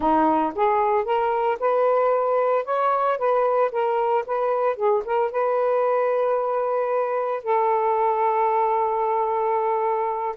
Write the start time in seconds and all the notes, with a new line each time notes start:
0.00 D#4
0.55 G#4
1.04 A#4
1.59 B4
2.64 C#5
3.18 B4
3.71 A#4
4.26 B4
4.76 G#4
5.04 A#4
5.31 B4
7.43 A4